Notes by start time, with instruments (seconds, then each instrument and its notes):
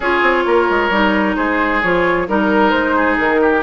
0.00 bassoon C#4, clarinet F4, oboe G#4, flute C#5
0.21 bassoon C4
0.45 bassoon A#3, oboe A#4
0.70 bassoon G#3
0.89 bassoon G3, clarinet D#4
1.36 bassoon G#3, oboe G#4, flute C5
1.82 bassoon F3, clarinet F4, flute C#5
2.28 bassoon G3, clarinet D#4, flute A#4, oboe A#4
2.70 bassoon G#3, flute C5
2.95 oboe G#4
3.18 bassoon D#3, flute A#4
3.41 oboe G4